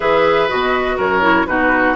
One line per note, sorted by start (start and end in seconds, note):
0.00 0.50 E3
0.00 0.48 G#4
0.00 0.96 B4
0.00 0.48 E5
0.48 0.98 B2
0.48 1.21 F#4
0.48 0.98 D#5
0.97 1.47 F#2
0.97 1.46 A#4
0.97 1.46 C#5
1.21 1.46 E4
1.46 1.96 B2
1.46 1.96 D#4
1.46 1.96 F#4
1.46 1.95 B4